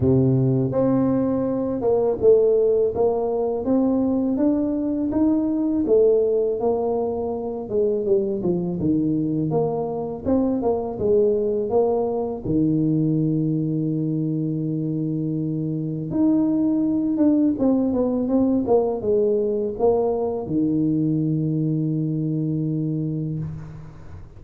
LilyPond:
\new Staff \with { instrumentName = "tuba" } { \time 4/4 \tempo 4 = 82 c4 c'4. ais8 a4 | ais4 c'4 d'4 dis'4 | a4 ais4. gis8 g8 f8 | dis4 ais4 c'8 ais8 gis4 |
ais4 dis2.~ | dis2 dis'4. d'8 | c'8 b8 c'8 ais8 gis4 ais4 | dis1 | }